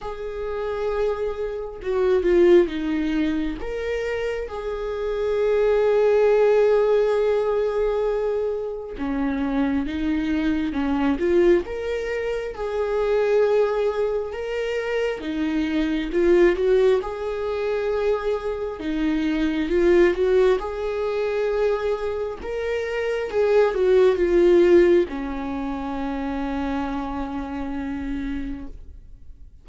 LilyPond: \new Staff \with { instrumentName = "viola" } { \time 4/4 \tempo 4 = 67 gis'2 fis'8 f'8 dis'4 | ais'4 gis'2.~ | gis'2 cis'4 dis'4 | cis'8 f'8 ais'4 gis'2 |
ais'4 dis'4 f'8 fis'8 gis'4~ | gis'4 dis'4 f'8 fis'8 gis'4~ | gis'4 ais'4 gis'8 fis'8 f'4 | cis'1 | }